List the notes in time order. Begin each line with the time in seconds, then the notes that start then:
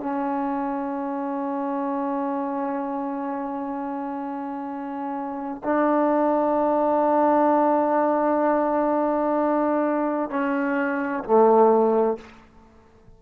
0.00 C#4
5.65 D4
10.30 C#4
11.25 A3